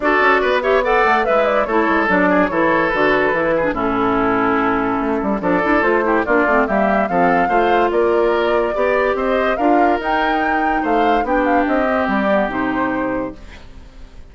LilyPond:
<<
  \new Staff \with { instrumentName = "flute" } { \time 4/4 \tempo 4 = 144 d''4. e''8 fis''4 e''8 d''8 | cis''4 d''4 cis''4 b'4~ | b'4 a'2.~ | a'4 d''4 c''4 d''4 |
e''4 f''2 d''4~ | d''2 dis''4 f''4 | g''2 f''4 g''8 f''8 | dis''4 d''4 c''2 | }
  \new Staff \with { instrumentName = "oboe" } { \time 4/4 a'4 b'8 cis''8 d''4 e'4 | a'4. gis'8 a'2~ | a'8 gis'8 e'2.~ | e'4 a'4. g'8 f'4 |
g'4 a'4 c''4 ais'4~ | ais'4 d''4 c''4 ais'4~ | ais'2 c''4 g'4~ | g'1 | }
  \new Staff \with { instrumentName = "clarinet" } { \time 4/4 fis'4. g'8 a'4 b'4 | e'4 d'4 e'4 fis'4 | e'8. d'16 cis'2.~ | cis'4 d'8 e'8 f'8 e'8 d'8 c'8 |
ais4 c'4 f'2~ | f'4 g'2 f'4 | dis'2. d'4~ | d'8 c'4 b8 dis'2 | }
  \new Staff \with { instrumentName = "bassoon" } { \time 4/4 d'8 cis'8 b4. a8 gis4 | a8 gis8 fis4 e4 d4 | e4 a,2. | a8 g8 f8 d'8 a4 ais8 a8 |
g4 f4 a4 ais4~ | ais4 b4 c'4 d'4 | dis'2 a4 b4 | c'4 g4 c2 | }
>>